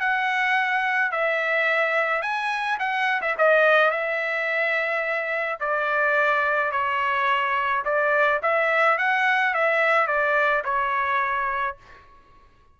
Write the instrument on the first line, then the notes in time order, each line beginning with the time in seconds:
trumpet
0.00 F#5
1.12 E5
2.22 G#5
2.79 F#5
3.21 E5
3.38 D#5
3.91 E5
5.60 D5
6.72 C#5
7.85 D5
8.43 E5
8.98 F#5
9.54 E5
10.07 D5
10.65 C#5